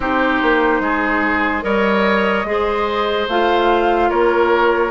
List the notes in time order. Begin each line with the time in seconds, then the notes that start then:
0.00 C4 D#4 G4 C5
0.42 A#3
0.80 G#3 G#4
1.62 G3 A#4 C#5 D#5
2.44 G#3 G#4
2.51 C5
3.28 A3 F4 F5
4.09 A#3 A#4 C#5